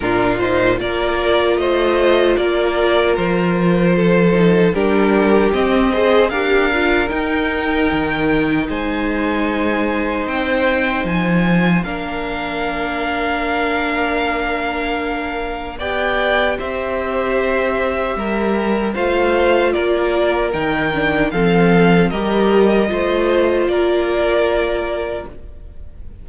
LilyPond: <<
  \new Staff \with { instrumentName = "violin" } { \time 4/4 \tempo 4 = 76 ais'8 c''8 d''4 dis''4 d''4 | c''2 ais'4 dis''4 | f''4 g''2 gis''4~ | gis''4 g''4 gis''4 f''4~ |
f''1 | g''4 e''2. | f''4 d''4 g''4 f''4 | dis''2 d''2 | }
  \new Staff \with { instrumentName = "violin" } { \time 4/4 f'4 ais'4 c''4 ais'4~ | ais'4 a'4 g'4. c''8 | ais'2. c''4~ | c''2. ais'4~ |
ais'1 | d''4 c''2 ais'4 | c''4 ais'2 a'4 | ais'4 c''4 ais'2 | }
  \new Staff \with { instrumentName = "viola" } { \time 4/4 d'8 dis'8 f'2.~ | f'4. dis'8 d'4 c'8 gis'8 | g'8 f'8 dis'2.~ | dis'2. d'4~ |
d'1 | g'1 | f'2 dis'8 d'8 c'4 | g'4 f'2. | }
  \new Staff \with { instrumentName = "cello" } { \time 4/4 ais,4 ais4 a4 ais4 | f2 g4 c'4 | d'4 dis'4 dis4 gis4~ | gis4 c'4 f4 ais4~ |
ais1 | b4 c'2 g4 | a4 ais4 dis4 f4 | g4 a4 ais2 | }
>>